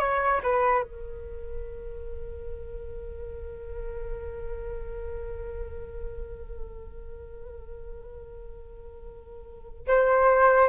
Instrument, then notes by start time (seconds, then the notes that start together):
flute
0.00 C#5
0.43 B4
0.83 A#4
9.88 C5